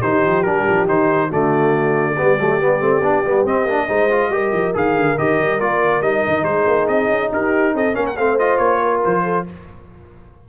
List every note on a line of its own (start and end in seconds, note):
0.00 0.24 D#3
0.00 0.45 D#4
0.00 1.28 G4
0.00 0.42 C5
0.27 0.45 F3
0.42 0.66 G3
0.42 0.87 D4
0.42 0.85 A#4
0.68 0.88 F3
0.87 1.31 D#3
0.87 1.30 D#4
0.87 1.31 C5
1.28 2.19 D3
1.28 2.16 A3
1.28 2.13 F#4
1.28 3.46 D5
2.14 2.38 G3
2.14 2.38 B3
2.14 3.86 G4
2.38 2.60 F#3
2.38 2.60 A3
2.60 2.81 G3
2.60 2.80 B3
2.80 3.01 A3
2.80 3.01 C4
3.01 3.22 B3
3.01 3.24 D4
3.25 3.44 G3
3.25 3.46 B3
3.44 3.64 C4
3.44 3.68 C4
3.44 4.75 D#5
3.64 3.85 A#3
3.64 3.88 D4
3.87 4.28 G#3
3.87 4.09 D#4
3.87 4.30 C5
4.10 4.31 F4
4.28 4.50 G3
4.28 4.73 G4
4.28 6.45 A#4
4.52 4.73 F3
4.73 4.95 D#3
4.73 5.16 G#4
4.73 5.18 F5
4.95 5.17 D3
5.18 5.38 D#3
5.18 5.60 G4
5.18 5.60 D#5
5.38 5.60 G3
5.60 6.01 A#3
5.60 6.02 F4
5.60 6.02 D5
6.01 6.22 G3
6.01 7.92 D#4
6.01 6.43 D#5
6.26 6.43 D#3
6.43 6.64 G#3
6.43 7.31 G#4
6.43 6.86 C5
6.67 6.87 A#3
6.87 7.08 C4
6.87 7.30 D#5
7.08 7.30 C#4
7.32 7.74 D#4
7.32 7.74 G4
7.32 7.76 A#4
7.74 7.95 C4
7.74 7.95 A4
7.74 7.95 D#5
7.92 8.16 A#3
7.92 8.14 C#4
7.92 8.16 A#4
7.92 8.06 F5
8.06 8.16 F#5
8.16 8.59 A3
8.16 8.39 C4
8.16 8.81 C5
8.16 8.38 F5
8.38 9.46 F4
8.38 8.57 D#5
8.57 9.01 A#3
8.57 9.00 C#5
8.82 9.23 A#4
9.04 9.48 F3
9.04 9.47 C5
9.23 9.44 A4